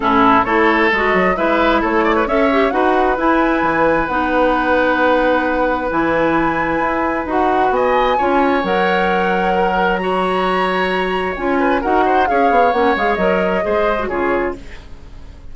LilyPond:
<<
  \new Staff \with { instrumentName = "flute" } { \time 4/4 \tempo 4 = 132 a'4 cis''4 dis''4 e''4 | cis''4 e''4 fis''4 gis''4~ | gis''4 fis''2.~ | fis''4 gis''2. |
fis''4 gis''2 fis''4~ | fis''2 ais''2~ | ais''4 gis''4 fis''4 f''4 | fis''8 f''8 dis''2 cis''4 | }
  \new Staff \with { instrumentName = "oboe" } { \time 4/4 e'4 a'2 b'4 | a'8 d''16 b'16 cis''4 b'2~ | b'1~ | b'1~ |
b'4 dis''4 cis''2~ | cis''4 ais'4 cis''2~ | cis''4. b'8 ais'8 c''8 cis''4~ | cis''2 c''4 gis'4 | }
  \new Staff \with { instrumentName = "clarinet" } { \time 4/4 cis'4 e'4 fis'4 e'4~ | e'4 a'8 g'8 fis'4 e'4~ | e'4 dis'2.~ | dis'4 e'2. |
fis'2 f'4 ais'4~ | ais'2 fis'2~ | fis'4 f'4 fis'4 gis'4 | cis'8 gis'8 ais'4 gis'8. fis'16 f'4 | }
  \new Staff \with { instrumentName = "bassoon" } { \time 4/4 a,4 a4 gis8 fis8 gis4 | a4 cis'4 dis'4 e'4 | e4 b2.~ | b4 e2 e'4 |
dis'4 b4 cis'4 fis4~ | fis1~ | fis4 cis'4 dis'4 cis'8 b8 | ais8 gis8 fis4 gis4 cis4 | }
>>